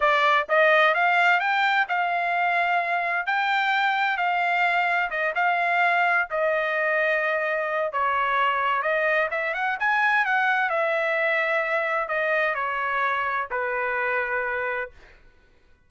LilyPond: \new Staff \with { instrumentName = "trumpet" } { \time 4/4 \tempo 4 = 129 d''4 dis''4 f''4 g''4 | f''2. g''4~ | g''4 f''2 dis''8 f''8~ | f''4. dis''2~ dis''8~ |
dis''4 cis''2 dis''4 | e''8 fis''8 gis''4 fis''4 e''4~ | e''2 dis''4 cis''4~ | cis''4 b'2. | }